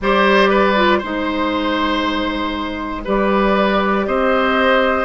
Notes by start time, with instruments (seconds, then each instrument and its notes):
0.00 bassoon G3, clarinet G4, oboe C5, flute D5
0.49 oboe B4
0.75 clarinet F4
0.98 bassoon G#3, clarinet D#4, oboe C5, flute C5
3.04 bassoon G3, clarinet G4, oboe B4, flute D5
4.06 bassoon C4, oboe C5, flute D#5